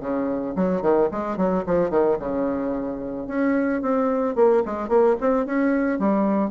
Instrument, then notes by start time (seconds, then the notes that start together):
bassoon
0.00 C#3
0.56 F#3
0.81 D#3
1.11 G#3
1.37 F#3
1.66 F3
1.90 D#3
2.19 C#3
3.27 C#4
3.81 C4
4.35 A#3
4.65 G#3
4.88 A#3
5.20 C4
5.46 C#4
5.99 G3